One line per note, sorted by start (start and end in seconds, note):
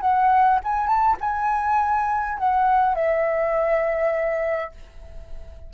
0.00 0.59 F#5
0.63 0.87 G#5
0.87 1.16 A5
1.20 2.37 G#5
2.37 2.95 F#5
2.95 4.71 E5